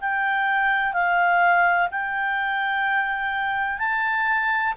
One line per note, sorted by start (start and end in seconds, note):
0.00 0.93 G5
0.93 1.88 F5
1.91 3.79 G5
3.79 4.74 A5